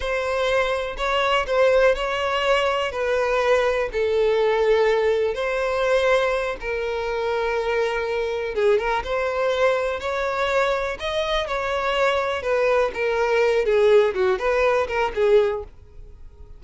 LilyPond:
\new Staff \with { instrumentName = "violin" } { \time 4/4 \tempo 4 = 123 c''2 cis''4 c''4 | cis''2 b'2 | a'2. c''4~ | c''4. ais'2~ ais'8~ |
ais'4. gis'8 ais'8 c''4.~ | c''8 cis''2 dis''4 cis''8~ | cis''4. b'4 ais'4. | gis'4 fis'8 b'4 ais'8 gis'4 | }